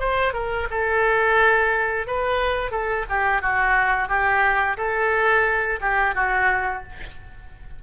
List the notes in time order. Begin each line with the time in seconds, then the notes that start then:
0.00 C5
0.33 A#4
0.71 A4
2.07 B4
2.71 A4
3.09 G4
3.42 F#4
4.09 G4
4.78 A4
5.81 G4
6.15 F#4